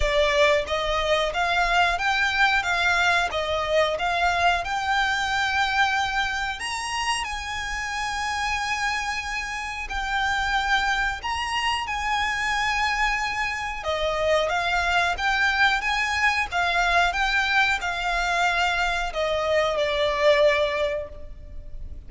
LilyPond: \new Staff \with { instrumentName = "violin" } { \time 4/4 \tempo 4 = 91 d''4 dis''4 f''4 g''4 | f''4 dis''4 f''4 g''4~ | g''2 ais''4 gis''4~ | gis''2. g''4~ |
g''4 ais''4 gis''2~ | gis''4 dis''4 f''4 g''4 | gis''4 f''4 g''4 f''4~ | f''4 dis''4 d''2 | }